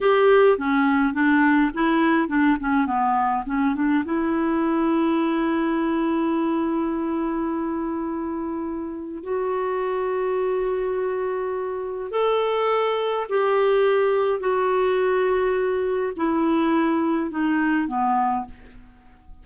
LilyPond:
\new Staff \with { instrumentName = "clarinet" } { \time 4/4 \tempo 4 = 104 g'4 cis'4 d'4 e'4 | d'8 cis'8 b4 cis'8 d'8 e'4~ | e'1~ | e'1 |
fis'1~ | fis'4 a'2 g'4~ | g'4 fis'2. | e'2 dis'4 b4 | }